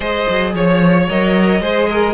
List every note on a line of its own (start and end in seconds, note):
0.00 0.26 G#3
0.00 1.08 G#4
0.00 0.53 C5
0.00 0.53 D#5
0.29 0.54 F#3
0.54 1.08 F3
0.54 1.09 C#5
0.54 1.61 C#5
1.09 1.60 F#3
1.09 1.62 A#4
1.09 2.13 D#5
1.60 2.13 G#3
1.60 2.13 G#4
1.60 1.88 C5
1.90 2.13 A#4